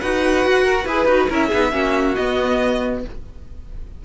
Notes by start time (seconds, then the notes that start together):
0.00 D#4 F#4 B4 F#5
0.45 F#4
0.63 A#4
0.83 E4 G#4 B4
1.05 D#4 F#4
1.29 C#4 E4 A#4 E5
1.48 B3 D#4 G#4
1.71 A#3 C#4 F#4
2.14 B3 D#5